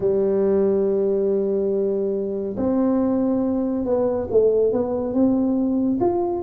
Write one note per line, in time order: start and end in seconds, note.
0.00 2.56 G3
2.56 3.84 C4
3.84 4.27 B3
4.30 4.72 A3
4.72 5.13 B3
5.13 5.99 C4
6.00 6.42 F4